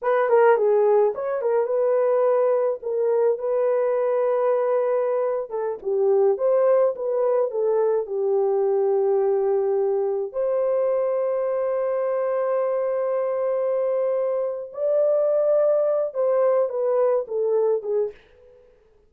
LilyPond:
\new Staff \with { instrumentName = "horn" } { \time 4/4 \tempo 4 = 106 b'8 ais'8 gis'4 cis''8 ais'8 b'4~ | b'4 ais'4 b'2~ | b'4.~ b'16 a'8 g'4 c''8.~ | c''16 b'4 a'4 g'4.~ g'16~ |
g'2~ g'16 c''4.~ c''16~ | c''1~ | c''2 d''2~ | d''8 c''4 b'4 a'4 gis'8 | }